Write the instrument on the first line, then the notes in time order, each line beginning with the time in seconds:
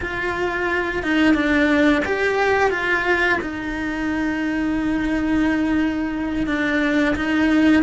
cello
0.00 F4
1.02 D#4
1.34 D4
2.05 G4
2.70 F4
3.41 D#4
6.46 D4
7.15 D#4